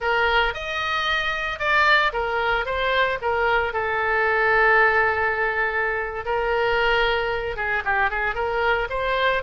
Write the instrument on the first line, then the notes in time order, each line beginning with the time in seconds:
oboe
0.00 A#4
0.54 D#5
1.59 D5
2.12 A#4
2.65 C5
3.21 A#4
3.73 A4
6.25 A#4
7.56 G#4
7.84 G4
8.10 G#4
8.35 A#4
8.89 C5